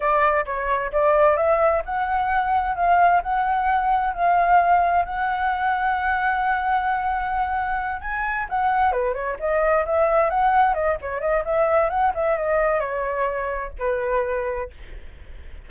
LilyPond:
\new Staff \with { instrumentName = "flute" } { \time 4/4 \tempo 4 = 131 d''4 cis''4 d''4 e''4 | fis''2 f''4 fis''4~ | fis''4 f''2 fis''4~ | fis''1~ |
fis''4. gis''4 fis''4 b'8 | cis''8 dis''4 e''4 fis''4 dis''8 | cis''8 dis''8 e''4 fis''8 e''8 dis''4 | cis''2 b'2 | }